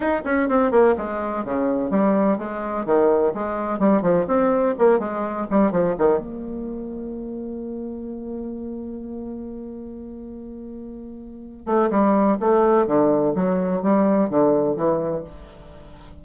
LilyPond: \new Staff \with { instrumentName = "bassoon" } { \time 4/4 \tempo 4 = 126 dis'8 cis'8 c'8 ais8 gis4 cis4 | g4 gis4 dis4 gis4 | g8 f8 c'4 ais8 gis4 g8 | f8 dis8 ais2.~ |
ais1~ | ais1~ | ais8 a8 g4 a4 d4 | fis4 g4 d4 e4 | }